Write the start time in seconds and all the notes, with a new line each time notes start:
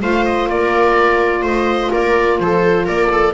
0.00 A3 F4 C5 F5
0.25 D#5
0.48 A#3 A#4 D5
1.42 A3 C5 D#5
1.91 A#3 A#4 D5
2.40 F3 A4 C5
2.86 A#3 A#4 D5
3.12 A4